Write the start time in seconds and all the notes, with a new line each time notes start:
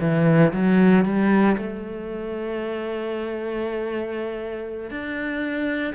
0.00 E3
0.53 F#3
1.04 G3
1.57 A3
4.90 D4